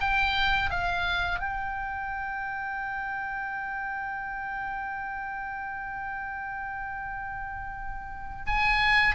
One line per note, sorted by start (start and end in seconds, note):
0.00 0.70 G5
0.70 1.39 F5
1.39 8.45 G5
8.46 9.15 G#5